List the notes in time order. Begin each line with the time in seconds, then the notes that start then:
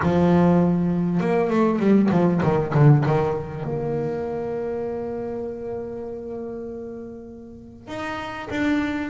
0.02 F3
1.20 A#3
1.50 A3
1.79 G3
2.11 F3
2.43 D#3
2.74 D3
3.06 D#3
3.64 A#3
7.87 D#4
8.50 D4